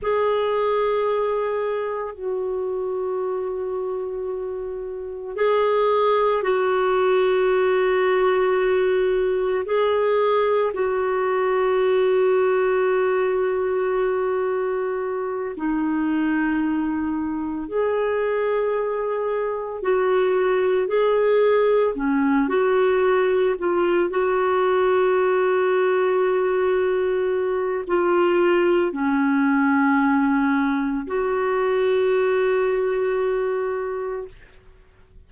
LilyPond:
\new Staff \with { instrumentName = "clarinet" } { \time 4/4 \tempo 4 = 56 gis'2 fis'2~ | fis'4 gis'4 fis'2~ | fis'4 gis'4 fis'2~ | fis'2~ fis'8 dis'4.~ |
dis'8 gis'2 fis'4 gis'8~ | gis'8 cis'8 fis'4 f'8 fis'4.~ | fis'2 f'4 cis'4~ | cis'4 fis'2. | }